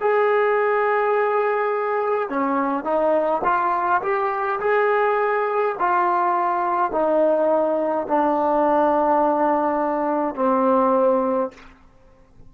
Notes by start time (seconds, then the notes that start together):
0.00 G#4
2.29 C#4
2.84 D#4
3.44 F4
4.02 G4
4.60 G#4
5.78 F4
6.91 D#4
8.07 D4
10.35 C4